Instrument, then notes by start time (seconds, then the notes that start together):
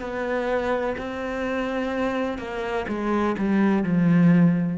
cello
0.00 B3
0.97 C4
2.38 A#3
2.88 G#3
3.38 G3
3.83 F3